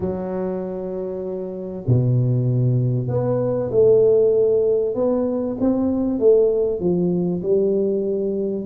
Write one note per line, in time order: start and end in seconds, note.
0.00 1.84 F#3
1.87 3.08 B2
3.08 3.70 B3
3.71 4.95 A3
4.95 5.56 B3
5.60 6.19 C4
6.19 6.80 A3
6.80 7.42 F3
7.42 8.65 G3